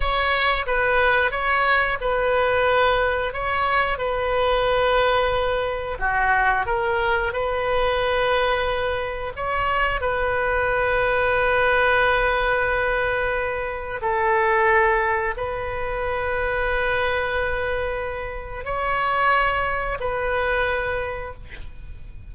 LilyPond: \new Staff \with { instrumentName = "oboe" } { \time 4/4 \tempo 4 = 90 cis''4 b'4 cis''4 b'4~ | b'4 cis''4 b'2~ | b'4 fis'4 ais'4 b'4~ | b'2 cis''4 b'4~ |
b'1~ | b'4 a'2 b'4~ | b'1 | cis''2 b'2 | }